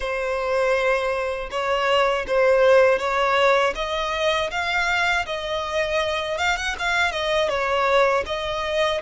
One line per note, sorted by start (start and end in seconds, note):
0.00 1.49 C5
1.50 2.25 C#5
2.27 2.98 C5
2.98 3.73 C#5
3.75 4.50 D#5
4.50 5.25 F5
5.26 6.38 D#5
6.38 6.56 F5
6.56 6.75 F#5
6.78 7.11 F5
7.11 7.48 D#5
7.48 8.23 C#5
8.26 9.01 D#5